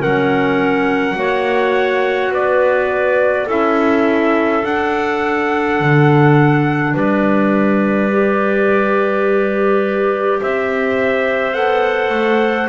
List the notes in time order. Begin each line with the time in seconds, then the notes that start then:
0.00 F#3 C#4 A#4 F#5
1.15 A#3 F#4 C#5
2.29 B3 B4 D5
3.47 C#4 E4 A4 E5
4.62 D4 F#5
5.80 D3
6.93 G3 B4 D5
8.12 G4
10.41 C4 C5 E5
11.53 B3 A4 F#5
12.09 A3